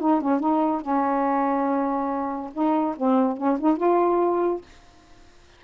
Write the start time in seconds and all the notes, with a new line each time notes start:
0.00 D#4
0.21 C#4
0.40 D#4
0.82 C#4
2.53 D#4
2.97 C4
3.37 C#4
3.60 D#4
3.77 F4